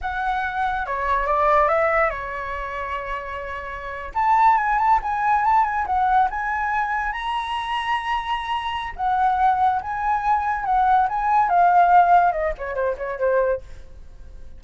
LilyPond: \new Staff \with { instrumentName = "flute" } { \time 4/4 \tempo 4 = 141 fis''2 cis''4 d''4 | e''4 cis''2.~ | cis''4.~ cis''16 a''4 gis''8 a''8 gis''16~ | gis''8. a''8 gis''8 fis''4 gis''4~ gis''16~ |
gis''8. ais''2.~ ais''16~ | ais''4 fis''2 gis''4~ | gis''4 fis''4 gis''4 f''4~ | f''4 dis''8 cis''8 c''8 cis''8 c''4 | }